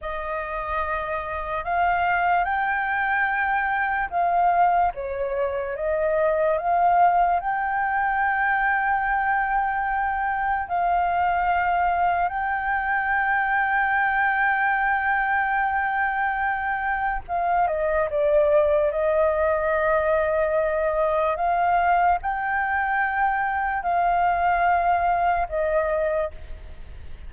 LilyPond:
\new Staff \with { instrumentName = "flute" } { \time 4/4 \tempo 4 = 73 dis''2 f''4 g''4~ | g''4 f''4 cis''4 dis''4 | f''4 g''2.~ | g''4 f''2 g''4~ |
g''1~ | g''4 f''8 dis''8 d''4 dis''4~ | dis''2 f''4 g''4~ | g''4 f''2 dis''4 | }